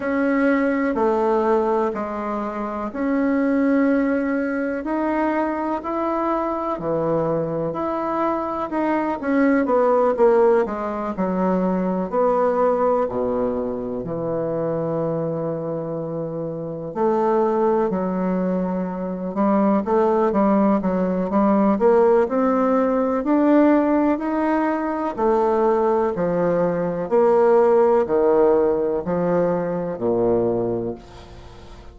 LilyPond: \new Staff \with { instrumentName = "bassoon" } { \time 4/4 \tempo 4 = 62 cis'4 a4 gis4 cis'4~ | cis'4 dis'4 e'4 e4 | e'4 dis'8 cis'8 b8 ais8 gis8 fis8~ | fis8 b4 b,4 e4.~ |
e4. a4 fis4. | g8 a8 g8 fis8 g8 ais8 c'4 | d'4 dis'4 a4 f4 | ais4 dis4 f4 ais,4 | }